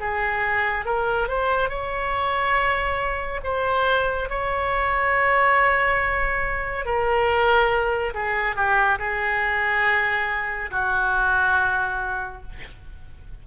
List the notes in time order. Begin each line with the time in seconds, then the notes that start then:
0.00 G#4
0.85 A#4
1.28 C5
1.69 C#5
3.44 C5
4.29 C#5
6.85 A#4
8.14 G#4
8.56 G4
8.99 G#4
10.71 F#4